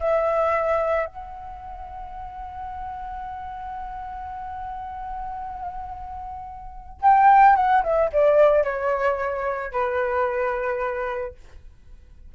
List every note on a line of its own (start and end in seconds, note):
0.00 1.06 E5
1.06 7.00 F#5
7.02 7.56 G5
7.56 7.83 F#5
7.83 8.10 E5
8.13 8.64 D5
8.64 9.72 C#5
9.72 11.34 B4